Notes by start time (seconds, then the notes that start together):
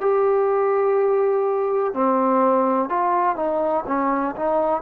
0.00 G4
1.93 C4
2.89 F4
3.35 D#4
3.86 C#4
4.35 D#4